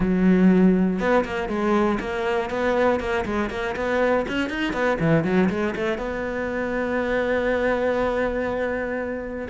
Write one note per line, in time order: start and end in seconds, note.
0.00 0.99 F#3
0.99 1.24 B3
1.24 1.49 A#3
1.49 1.99 G#3
2.00 2.50 A#3
2.50 3.00 B3
3.00 3.25 A#3
3.25 3.50 G#3
3.50 3.75 A#3
3.75 4.25 B3
4.28 4.49 C#4
4.49 4.73 D#4
4.73 4.98 B3
4.99 5.24 E3
5.24 5.49 F#3
5.49 5.74 G#3
5.75 5.98 A3
5.98 9.48 B3